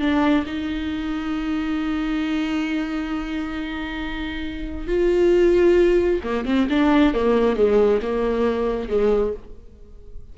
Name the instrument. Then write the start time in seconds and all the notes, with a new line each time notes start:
viola
0.00 D4
0.46 D#4
4.87 F4
6.23 A#3
6.45 C4
6.70 D4
7.14 A#3
7.56 G#3
8.02 A#3
8.88 G#3